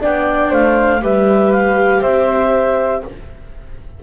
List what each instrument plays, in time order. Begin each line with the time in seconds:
0.00 double bass B3, viola D4, flute D5, clarinet G5
0.50 double bass A3, flute C5, clarinet F5
1.00 double bass G3, viola G4, flute B4, clarinet E5
1.52 clarinet F5
2.01 double bass C4, flute C5, clarinet E5